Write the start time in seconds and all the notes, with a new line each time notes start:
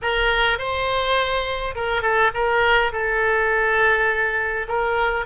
0.02 A#4
0.58 C5
1.75 A#4
2.02 A4
2.34 A#4
2.92 A4
4.68 A#4